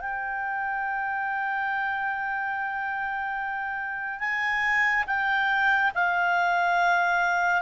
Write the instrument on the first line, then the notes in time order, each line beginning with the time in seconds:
clarinet
0.00 G5
4.20 G#5
5.07 G5
5.95 F5